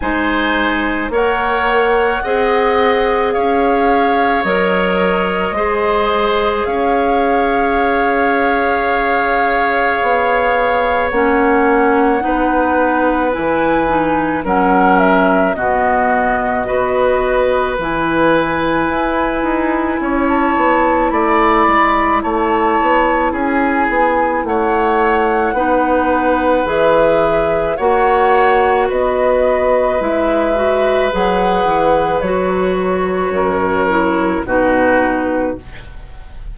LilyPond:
<<
  \new Staff \with { instrumentName = "flute" } { \time 4/4 \tempo 4 = 54 gis''4 fis''2 f''4 | dis''2 f''2~ | f''2 fis''2 | gis''4 fis''8 e''8 dis''2 |
gis''2~ gis''16 a''8. b''4 | a''4 gis''4 fis''2 | e''4 fis''4 dis''4 e''4 | fis''4 cis''2 b'4 | }
  \new Staff \with { instrumentName = "oboe" } { \time 4/4 c''4 cis''4 dis''4 cis''4~ | cis''4 c''4 cis''2~ | cis''2. b'4~ | b'4 ais'4 fis'4 b'4~ |
b'2 cis''4 d''4 | cis''4 gis'4 cis''4 b'4~ | b'4 cis''4 b'2~ | b'2 ais'4 fis'4 | }
  \new Staff \with { instrumentName = "clarinet" } { \time 4/4 dis'4 ais'4 gis'2 | ais'4 gis'2.~ | gis'2 cis'4 dis'4 | e'8 dis'8 cis'4 b4 fis'4 |
e'1~ | e'2. dis'4 | gis'4 fis'2 e'8 fis'8 | gis'4 fis'4. e'8 dis'4 | }
  \new Staff \with { instrumentName = "bassoon" } { \time 4/4 gis4 ais4 c'4 cis'4 | fis4 gis4 cis'2~ | cis'4 b4 ais4 b4 | e4 fis4 b,4 b4 |
e4 e'8 dis'8 cis'8 b8 a8 gis8 | a8 b8 cis'8 b8 a4 b4 | e4 ais4 b4 gis4 | fis8 e8 fis4 fis,4 b,4 | }
>>